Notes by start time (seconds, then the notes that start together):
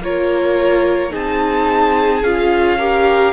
0.00 A#3 F4 A#4 C#5
1.10 C4 D#4 G#4 A5
2.22 C#4 F4 F5
2.78 G4 A#4